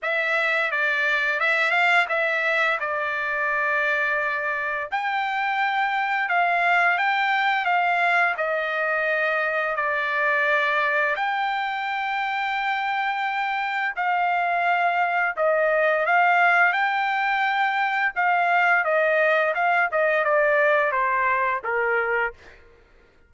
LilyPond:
\new Staff \with { instrumentName = "trumpet" } { \time 4/4 \tempo 4 = 86 e''4 d''4 e''8 f''8 e''4 | d''2. g''4~ | g''4 f''4 g''4 f''4 | dis''2 d''2 |
g''1 | f''2 dis''4 f''4 | g''2 f''4 dis''4 | f''8 dis''8 d''4 c''4 ais'4 | }